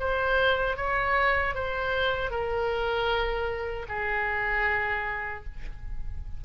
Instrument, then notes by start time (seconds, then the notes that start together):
oboe
0.00 C5
0.77 C#5
1.55 C5
2.31 A#4
3.89 G#4